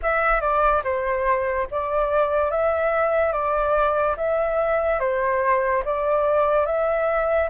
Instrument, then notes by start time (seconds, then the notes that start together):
flute
0.02 E5
0.41 D5
0.84 C5
1.70 D5
2.50 E5
3.32 D5
4.16 E5
4.99 C5
5.84 D5
6.66 E5